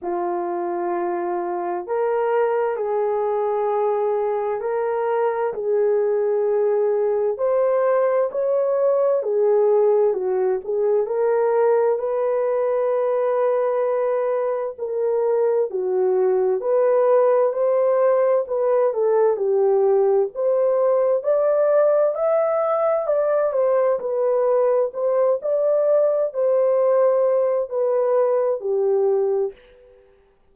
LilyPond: \new Staff \with { instrumentName = "horn" } { \time 4/4 \tempo 4 = 65 f'2 ais'4 gis'4~ | gis'4 ais'4 gis'2 | c''4 cis''4 gis'4 fis'8 gis'8 | ais'4 b'2. |
ais'4 fis'4 b'4 c''4 | b'8 a'8 g'4 c''4 d''4 | e''4 d''8 c''8 b'4 c''8 d''8~ | d''8 c''4. b'4 g'4 | }